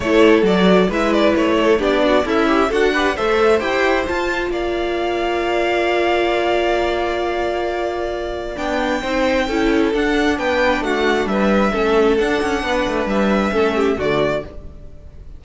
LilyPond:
<<
  \new Staff \with { instrumentName = "violin" } { \time 4/4 \tempo 4 = 133 cis''4 d''4 e''8 d''8 cis''4 | d''4 e''4 fis''4 e''4 | g''4 a''4 f''2~ | f''1~ |
f''2. g''4~ | g''2 fis''4 g''4 | fis''4 e''2 fis''4~ | fis''4 e''2 d''4 | }
  \new Staff \with { instrumentName = "violin" } { \time 4/4 a'2 b'4. a'8 | g'8 fis'8 e'4 a'8 b'8 c''4~ | c''2 d''2~ | d''1~ |
d''1 | c''4 a'2 b'4 | fis'4 b'4 a'2 | b'2 a'8 g'8 fis'4 | }
  \new Staff \with { instrumentName = "viola" } { \time 4/4 e'4 fis'4 e'2 | d'4 a'8 g'8 fis'8 g'8 a'4 | g'4 f'2.~ | f'1~ |
f'2. d'4 | dis'4 e'4 d'2~ | d'2 cis'4 d'4~ | d'2 cis'4 a4 | }
  \new Staff \with { instrumentName = "cello" } { \time 4/4 a4 fis4 gis4 a4 | b4 cis'4 d'4 a4 | e'4 f'4 ais2~ | ais1~ |
ais2. b4 | c'4 cis'4 d'4 b4 | a4 g4 a4 d'8 cis'8 | b8 a8 g4 a4 d4 | }
>>